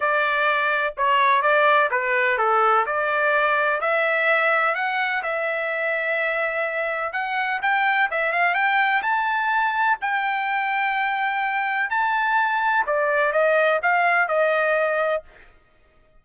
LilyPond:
\new Staff \with { instrumentName = "trumpet" } { \time 4/4 \tempo 4 = 126 d''2 cis''4 d''4 | b'4 a'4 d''2 | e''2 fis''4 e''4~ | e''2. fis''4 |
g''4 e''8 f''8 g''4 a''4~ | a''4 g''2.~ | g''4 a''2 d''4 | dis''4 f''4 dis''2 | }